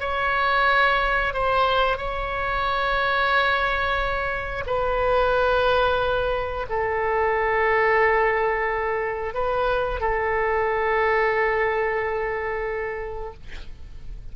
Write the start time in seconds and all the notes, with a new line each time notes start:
0.00 C#5
1.34 C5
1.97 C#5
4.66 B4
6.69 A4
9.34 B4
10.00 A4